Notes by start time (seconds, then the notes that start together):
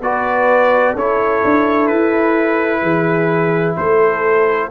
0.00 B3 F#4 B4 D5
0.93 C#4 E4 A4 C#5
1.44 D4
1.87 E4 B4
2.82 E3 G#4
3.76 A3 A4 C5